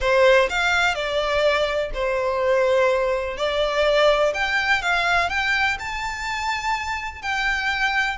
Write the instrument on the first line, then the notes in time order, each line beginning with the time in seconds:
violin
0.00 C5
0.49 F5
0.94 D5
1.94 C5
3.37 D5
4.34 G5
4.81 F5
5.29 G5
5.79 A5
7.22 G5